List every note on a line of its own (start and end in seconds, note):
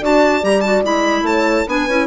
0.00 0.43 D4
0.00 0.42 F#4
0.00 1.25 D5
0.00 0.45 A5
0.42 0.84 G3
0.42 0.63 G4
0.42 0.61 A#5
0.61 0.84 F#4
0.61 0.81 A5
0.84 1.22 G#3
0.84 1.67 E4
0.84 1.26 B5
1.22 1.64 A3
1.22 1.67 C#5
1.22 1.68 A5
1.67 1.88 B3
1.67 1.88 D4
1.67 2.07 B4
1.67 2.07 G#5
1.88 2.07 C#4
1.88 2.07 E4